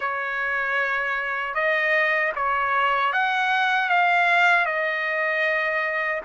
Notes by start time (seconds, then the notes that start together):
0.00 C#5
1.54 D#5
2.35 C#5
3.12 F#5
3.89 F5
4.65 D#5